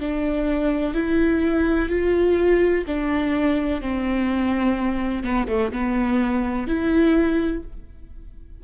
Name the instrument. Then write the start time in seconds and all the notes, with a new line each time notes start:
viola
0.00 D4
0.94 E4
1.89 F4
2.87 D4
3.81 C4
5.23 B3
5.48 A3
5.72 B3
6.67 E4